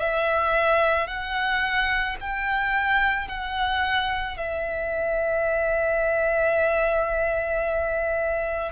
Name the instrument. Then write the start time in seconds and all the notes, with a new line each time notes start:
violin
0.00 E5
1.07 F#5
2.21 G5
3.28 F#5
4.37 E5